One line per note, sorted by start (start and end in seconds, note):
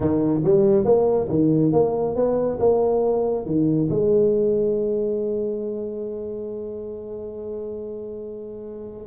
0.00 0.41 D#3
0.44 0.84 G3
0.84 1.28 A#3
1.29 1.72 D#3
1.72 2.15 A#3
2.15 2.58 B3
2.59 3.45 A#3
3.45 3.88 D#3
3.90 9.07 G#3